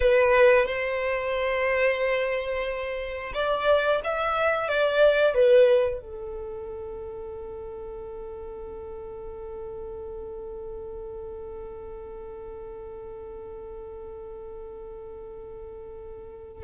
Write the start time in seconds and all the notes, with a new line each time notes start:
0.00 B4
0.65 C5
3.34 D5
4.04 E5
4.68 D5
5.34 B4
6.01 A4